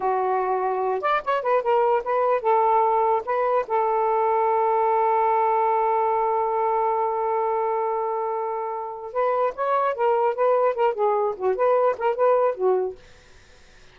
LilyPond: \new Staff \with { instrumentName = "saxophone" } { \time 4/4 \tempo 4 = 148 fis'2~ fis'8 d''8 cis''8 b'8 | ais'4 b'4 a'2 | b'4 a'2.~ | a'1~ |
a'1~ | a'2~ a'8 b'4 cis''8~ | cis''8 ais'4 b'4 ais'8 gis'4 | fis'8 b'4 ais'8 b'4 fis'4 | }